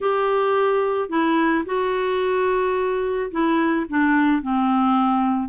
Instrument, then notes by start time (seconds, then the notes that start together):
clarinet
0.01 G4
1.09 E4
1.65 F#4
3.31 E4
3.89 D4
4.42 C4